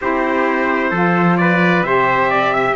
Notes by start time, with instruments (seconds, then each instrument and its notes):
0.01 cello C4, saxophone E4, trumpet G4 C5
0.90 cello F3, saxophone F4, trumpet A4
1.37 trumpet B4 D5
1.82 cello C3, saxophone G4, trumpet C5 E5
2.30 trumpet D5
2.53 trumpet E5